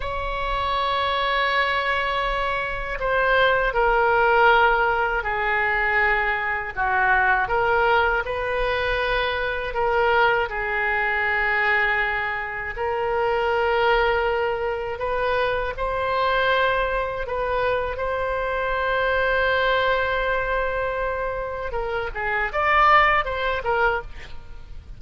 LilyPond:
\new Staff \with { instrumentName = "oboe" } { \time 4/4 \tempo 4 = 80 cis''1 | c''4 ais'2 gis'4~ | gis'4 fis'4 ais'4 b'4~ | b'4 ais'4 gis'2~ |
gis'4 ais'2. | b'4 c''2 b'4 | c''1~ | c''4 ais'8 gis'8 d''4 c''8 ais'8 | }